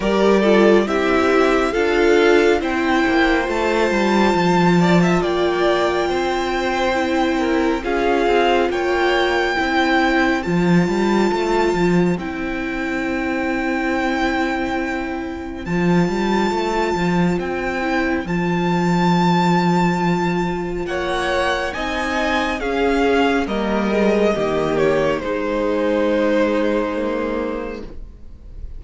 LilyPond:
<<
  \new Staff \with { instrumentName = "violin" } { \time 4/4 \tempo 4 = 69 d''4 e''4 f''4 g''4 | a''2 g''2~ | g''4 f''4 g''2 | a''2 g''2~ |
g''2 a''2 | g''4 a''2. | fis''4 gis''4 f''4 dis''4~ | dis''8 cis''8 c''2. | }
  \new Staff \with { instrumentName = "violin" } { \time 4/4 ais'8 a'8 g'4 a'4 c''4~ | c''4. d''16 e''16 d''4 c''4~ | c''8 ais'8 gis'4 cis''4 c''4~ | c''1~ |
c''1~ | c''1 | cis''4 dis''4 gis'4 ais'4 | g'4 dis'2. | }
  \new Staff \with { instrumentName = "viola" } { \time 4/4 g'8 f'8 e'4 f'4 e'4 | f'1 | e'4 f'2 e'4 | f'2 e'2~ |
e'2 f'2~ | f'8 e'8 f'2.~ | f'4 dis'4 cis'4 ais8 gis8 | ais4 gis2 ais4 | }
  \new Staff \with { instrumentName = "cello" } { \time 4/4 g4 c'4 d'4 c'8 ais8 | a8 g8 f4 ais4 c'4~ | c'4 cis'8 c'8 ais4 c'4 | f8 g8 a8 f8 c'2~ |
c'2 f8 g8 a8 f8 | c'4 f2. | ais4 c'4 cis'4 g4 | dis4 gis2. | }
>>